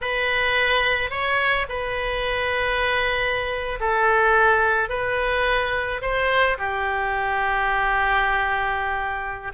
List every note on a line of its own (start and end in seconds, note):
0.01 1.10 B4
1.10 1.66 C#5
1.68 3.79 B4
3.80 4.89 A4
4.89 6.01 B4
6.01 6.57 C5
6.58 9.52 G4